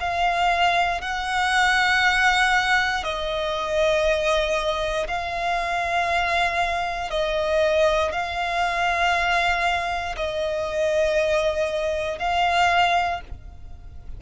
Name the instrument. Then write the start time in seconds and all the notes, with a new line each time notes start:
violin
0.00 F5
1.01 F#5
3.04 D#5
5.08 F5
7.10 D#5
8.12 F5
10.16 D#5
12.19 F5